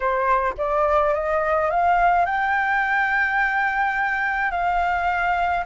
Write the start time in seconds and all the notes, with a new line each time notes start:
0.00 C5
0.57 D5
1.13 D#5
1.70 F5
2.25 G5
4.51 F5